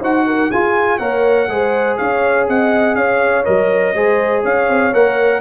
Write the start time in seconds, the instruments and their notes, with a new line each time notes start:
0.00 tuba D#4, trombone F#4, horn C5, trumpet F#5
0.27 horn A#4
0.50 tuba F4, trombone F4, horn G#4, trumpet G#5
0.99 tuba A#3, trombone A#4, horn C#5, trumpet F#5
1.49 tuba G#3, trombone G#4, horn C5
1.97 tuba C#4, horn C#5, trumpet F5
2.48 tuba C4, horn D#5, trumpet F#5
2.95 tuba C#4, horn C#5, trumpet F5
3.44 tuba F#3, trombone A#4, trumpet D#5
3.94 tuba G#3, trombone G#4, horn C5
4.43 tuba C#4, horn C#5, trumpet F5
4.69 tuba C4
4.93 tuba A#3, trombone A#4, trumpet F#5